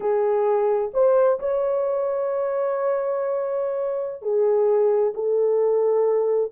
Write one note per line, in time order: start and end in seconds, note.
0.00 0.91 G#4
0.93 1.39 C5
1.39 4.22 C#5
4.22 5.13 G#4
5.14 6.51 A4